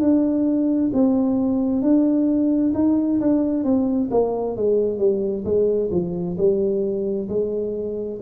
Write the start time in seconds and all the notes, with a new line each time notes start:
0.00 D4
0.93 C4
1.82 D4
2.75 D#4
3.20 D4
3.64 C4
4.11 A#3
4.57 G#3
4.99 G3
5.45 G#3
5.91 F3
6.38 G3
7.29 G#3